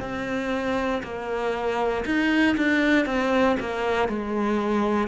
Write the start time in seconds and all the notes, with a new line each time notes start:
0.00 C4
1.03 A#3
2.05 D#4
2.57 D4
3.06 C4
3.60 A#3
4.09 G#3